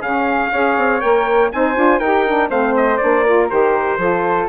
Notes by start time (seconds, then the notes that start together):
0.00 C#3 C#4 G#4 F5
0.52 C#4 G#4 C#5
0.77 C4
1.00 A#3 A#4 G5
1.52 C4 D#4 C5 G#5
1.75 D4 F4
1.99 D#4 G4 A#4 G5
2.27 D4
2.50 A3 C4 C5 F5
2.77 D#5
2.97 A#3 D4 D5
3.24 F4 A#4
3.49 D#3 G4 C5
3.98 F3 F4 A4